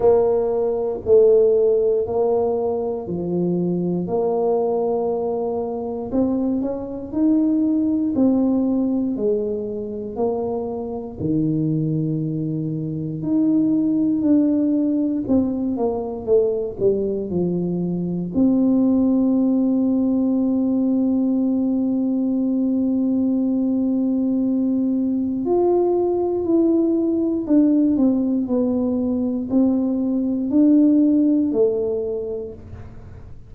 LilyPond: \new Staff \with { instrumentName = "tuba" } { \time 4/4 \tempo 4 = 59 ais4 a4 ais4 f4 | ais2 c'8 cis'8 dis'4 | c'4 gis4 ais4 dis4~ | dis4 dis'4 d'4 c'8 ais8 |
a8 g8 f4 c'2~ | c'1~ | c'4 f'4 e'4 d'8 c'8 | b4 c'4 d'4 a4 | }